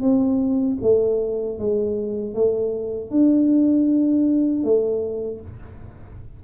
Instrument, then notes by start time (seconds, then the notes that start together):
tuba
0.00 C4
0.81 A3
1.58 G#3
2.34 A3
3.10 D4
4.63 A3